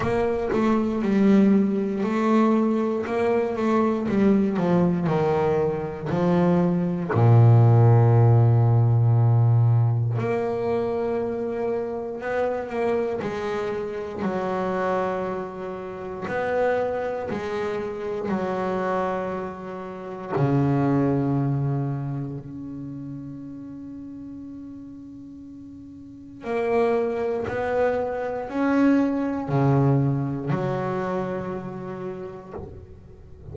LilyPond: \new Staff \with { instrumentName = "double bass" } { \time 4/4 \tempo 4 = 59 ais8 a8 g4 a4 ais8 a8 | g8 f8 dis4 f4 ais,4~ | ais,2 ais2 | b8 ais8 gis4 fis2 |
b4 gis4 fis2 | cis2 cis'2~ | cis'2 ais4 b4 | cis'4 cis4 fis2 | }